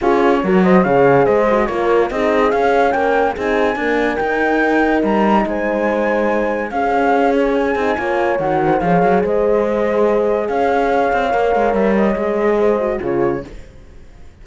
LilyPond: <<
  \new Staff \with { instrumentName = "flute" } { \time 4/4 \tempo 4 = 143 cis''4. dis''8 f''4 dis''4 | cis''4 dis''4 f''4 g''4 | gis''2 g''2 | ais''4 gis''2. |
f''4. cis''8 gis''2 | fis''4 f''4 dis''2~ | dis''4 f''2. | e''8 dis''2~ dis''8 cis''4 | }
  \new Staff \with { instrumentName = "horn" } { \time 4/4 gis'4 ais'8 c''8 cis''4 c''4 | ais'4 gis'2 ais'4 | gis'4 ais'2.~ | ais'4 c''2. |
gis'2. cis''4~ | cis''8 c''8 cis''4 c''2~ | c''4 cis''2.~ | cis''2 c''4 gis'4 | }
  \new Staff \with { instrumentName = "horn" } { \time 4/4 f'4 fis'4 gis'4. fis'8 | f'4 dis'4 cis'2 | dis'4 ais4 dis'2~ | dis'1 |
cis'2~ cis'8 dis'8 f'4 | fis'4 gis'2.~ | gis'2. ais'4~ | ais'4 gis'4. fis'8 f'4 | }
  \new Staff \with { instrumentName = "cello" } { \time 4/4 cis'4 fis4 cis4 gis4 | ais4 c'4 cis'4 ais4 | c'4 d'4 dis'2 | g4 gis2. |
cis'2~ cis'8 c'8 ais4 | dis4 f8 fis8 gis2~ | gis4 cis'4. c'8 ais8 gis8 | g4 gis2 cis4 | }
>>